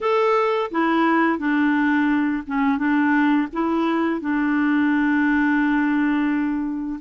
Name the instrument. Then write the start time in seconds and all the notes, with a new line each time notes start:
clarinet
0.01 A4
0.71 E4
1.38 D4
2.46 C#4
2.77 D4
3.52 E4
4.20 D4